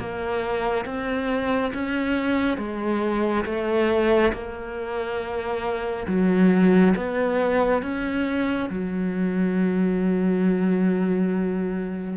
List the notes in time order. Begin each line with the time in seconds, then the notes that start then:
0.00 A#3
0.86 C4
1.74 C#4
2.58 G#3
3.46 A3
4.33 A#3
6.08 F#3
6.96 B3
7.83 C#4
8.70 F#3